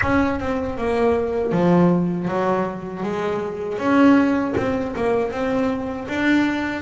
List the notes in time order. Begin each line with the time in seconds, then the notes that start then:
0.01 C#4
0.39 C4
0.77 A#3
1.52 F3
2.28 F#3
3.03 G#3
3.78 C#4
4.56 C4
4.95 A#3
5.31 C4
6.08 D4